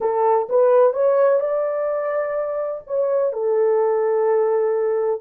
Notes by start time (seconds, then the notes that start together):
0.00 A4
0.49 B4
0.93 C#5
1.40 D5
2.86 C#5
3.32 A4